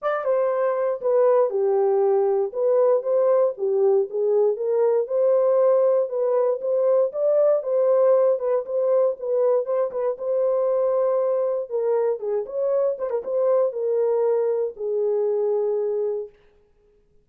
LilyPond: \new Staff \with { instrumentName = "horn" } { \time 4/4 \tempo 4 = 118 d''8 c''4. b'4 g'4~ | g'4 b'4 c''4 g'4 | gis'4 ais'4 c''2 | b'4 c''4 d''4 c''4~ |
c''8 b'8 c''4 b'4 c''8 b'8 | c''2. ais'4 | gis'8 cis''4 c''16 ais'16 c''4 ais'4~ | ais'4 gis'2. | }